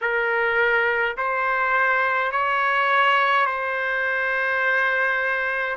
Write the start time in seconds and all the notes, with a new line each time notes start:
0.01 A#4
1.17 C5
2.31 C#5
3.46 C5